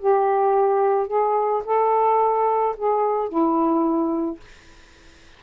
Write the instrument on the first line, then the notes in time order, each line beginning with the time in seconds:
saxophone
0.00 G4
1.07 G#4
1.65 A4
2.77 G#4
3.29 E4